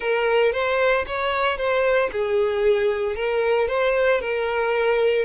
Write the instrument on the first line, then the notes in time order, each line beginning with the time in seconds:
violin
0.00 A#4
0.52 C5
1.06 C#5
1.57 C5
2.12 G#4
3.15 A#4
3.68 C5
4.21 A#4